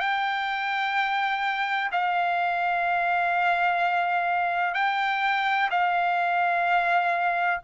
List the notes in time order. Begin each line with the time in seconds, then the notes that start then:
0.00 G5
1.92 F5
4.74 G5
5.71 F5